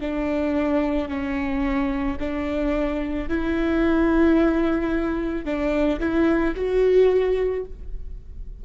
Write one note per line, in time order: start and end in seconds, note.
0.00 1.08 D4
1.08 2.17 C#4
2.19 3.28 D4
3.28 5.45 E4
5.45 6.00 D4
6.00 6.55 E4
6.55 7.64 F#4